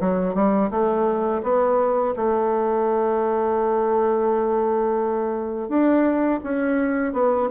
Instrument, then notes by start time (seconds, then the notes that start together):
bassoon
0.00 F#3
0.34 G3
0.70 A3
1.43 B3
2.16 A3
5.68 D4
6.43 C#4
7.13 B3